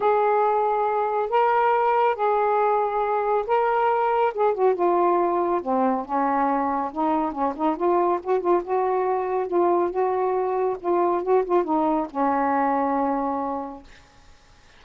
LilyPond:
\new Staff \with { instrumentName = "saxophone" } { \time 4/4 \tempo 4 = 139 gis'2. ais'4~ | ais'4 gis'2. | ais'2 gis'8 fis'8 f'4~ | f'4 c'4 cis'2 |
dis'4 cis'8 dis'8 f'4 fis'8 f'8 | fis'2 f'4 fis'4~ | fis'4 f'4 fis'8 f'8 dis'4 | cis'1 | }